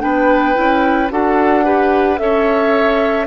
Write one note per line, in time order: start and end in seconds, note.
0.00 0.57 B3
0.00 0.55 D4
0.00 1.13 B4
0.00 1.10 G5
0.55 1.11 C#4
0.55 1.09 E4
1.10 2.20 D4
1.10 1.64 F#4
1.10 1.65 A4
1.10 2.18 F#5
1.65 2.18 G4
1.65 2.20 B4
2.18 3.27 C#4
2.18 3.27 A4
2.18 3.27 C#5
2.18 3.27 E5